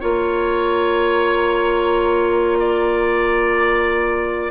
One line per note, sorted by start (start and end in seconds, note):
0.00 4.51 A#3
0.00 4.51 F4
0.00 2.58 C#5
0.00 4.51 A#5
2.60 4.51 D5